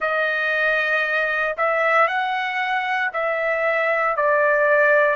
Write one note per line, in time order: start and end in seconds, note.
0.00 1.56 D#5
1.57 2.07 E5
2.07 3.10 F#5
3.13 4.16 E5
4.16 5.15 D5